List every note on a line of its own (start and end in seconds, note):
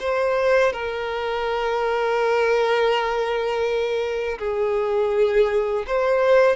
0.00 0.73 C5
0.73 4.38 A#4
4.38 5.85 G#4
5.87 6.56 C5